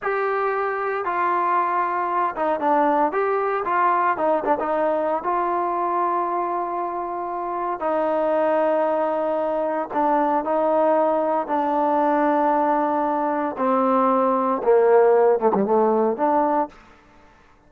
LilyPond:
\new Staff \with { instrumentName = "trombone" } { \time 4/4 \tempo 4 = 115 g'2 f'2~ | f'8 dis'8 d'4 g'4 f'4 | dis'8 d'16 dis'4~ dis'16 f'2~ | f'2. dis'4~ |
dis'2. d'4 | dis'2 d'2~ | d'2 c'2 | ais4. a16 g16 a4 d'4 | }